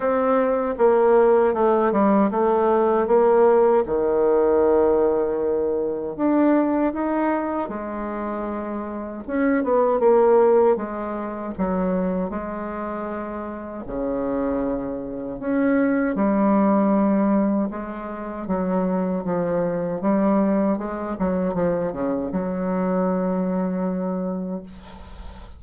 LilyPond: \new Staff \with { instrumentName = "bassoon" } { \time 4/4 \tempo 4 = 78 c'4 ais4 a8 g8 a4 | ais4 dis2. | d'4 dis'4 gis2 | cis'8 b8 ais4 gis4 fis4 |
gis2 cis2 | cis'4 g2 gis4 | fis4 f4 g4 gis8 fis8 | f8 cis8 fis2. | }